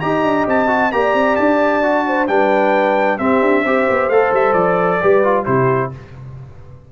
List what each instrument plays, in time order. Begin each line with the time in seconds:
0.00 tuba D#4, trombone G4, horn D#5, trumpet A#5
0.23 tuba D4
0.46 tuba C4, trumpet A5
0.67 trombone F#4
0.91 tuba A#3, trombone G4, horn D5, trumpet A#5
1.14 tuba C4
1.36 tuba D4, trumpet A5
1.82 trombone F#4
2.07 horn C5
2.27 tuba G3, trombone D4, horn B4, trumpet G5
3.18 trombone C4, tuba C4, horn G4, trumpet E5
3.41 tuba D4
3.63 tuba C4, trombone G4, horn C5
3.89 tuba B3
4.08 tuba A3, trombone A4, trumpet F5
4.32 tuba G3, trumpet E5
4.53 tuba F3, trumpet D5
5.00 tuba G3, trombone G4, horn B4
5.24 trombone F4
5.45 tuba C3, trombone E4, horn G4, trumpet C5